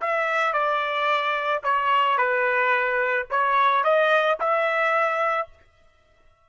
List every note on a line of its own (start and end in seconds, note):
0.00 0.53 E5
0.53 1.62 D5
1.63 2.17 C#5
2.17 3.27 B4
3.30 3.83 C#5
3.83 4.38 D#5
4.39 5.48 E5